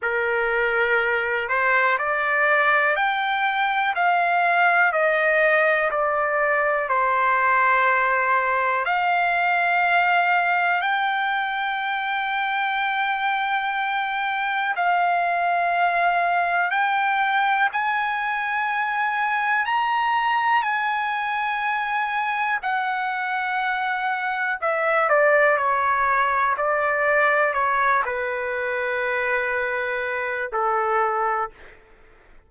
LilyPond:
\new Staff \with { instrumentName = "trumpet" } { \time 4/4 \tempo 4 = 61 ais'4. c''8 d''4 g''4 | f''4 dis''4 d''4 c''4~ | c''4 f''2 g''4~ | g''2. f''4~ |
f''4 g''4 gis''2 | ais''4 gis''2 fis''4~ | fis''4 e''8 d''8 cis''4 d''4 | cis''8 b'2~ b'8 a'4 | }